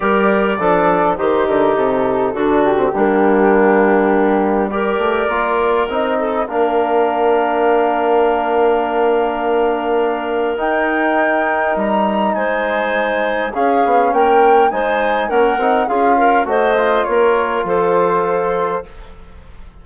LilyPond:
<<
  \new Staff \with { instrumentName = "flute" } { \time 4/4 \tempo 4 = 102 d''2 c''8 ais'8 a'4~ | a'8 g'2.~ g'8 | d''2 dis''4 f''4~ | f''1~ |
f''2 g''2 | ais''4 gis''2 f''4 | g''4 gis''4 fis''4 f''4 | dis''4 cis''4 c''2 | }
  \new Staff \with { instrumentName = "clarinet" } { \time 4/4 ais'4 a'4 g'2 | fis'4 d'2. | ais'2~ ais'8 a'8 ais'4~ | ais'1~ |
ais'1~ | ais'4 c''2 gis'4 | ais'4 c''4 ais'4 gis'8 ais'8 | c''4 ais'4 a'2 | }
  \new Staff \with { instrumentName = "trombone" } { \time 4/4 g'4 d'4 dis'2 | d'8. c'16 ais2. | g'4 f'4 dis'4 d'4~ | d'1~ |
d'2 dis'2~ | dis'2. cis'4~ | cis'4 dis'4 cis'8 dis'8 f'4 | fis'8 f'2.~ f'8 | }
  \new Staff \with { instrumentName = "bassoon" } { \time 4/4 g4 f4 dis8 d8 c4 | d4 g2.~ | g8 a8 ais4 c'4 ais4~ | ais1~ |
ais2 dis'2 | g4 gis2 cis'8 b8 | ais4 gis4 ais8 c'8 cis'4 | a4 ais4 f2 | }
>>